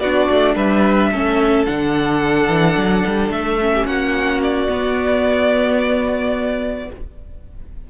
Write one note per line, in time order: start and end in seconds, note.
0.00 0.28 B3
0.00 1.13 D4
0.00 0.55 F#4
0.00 0.55 D5
0.30 0.55 A3
0.55 1.10 G3
0.55 1.10 B4
0.55 1.66 E5
1.12 1.67 A3
1.12 1.67 C#4
1.12 3.73 A4
1.66 2.49 D3
1.66 3.59 D4
1.66 3.31 F#5
2.49 2.76 E3
2.77 3.05 F#3
3.06 3.29 G3
3.29 3.85 A3
3.29 3.86 E5
3.60 4.68 C#4
3.74 3.86 G4
3.85 4.68 A#3
3.85 6.89 F#4
3.85 4.41 F#5
4.42 6.90 D5
4.68 6.89 B3
4.68 6.90 B3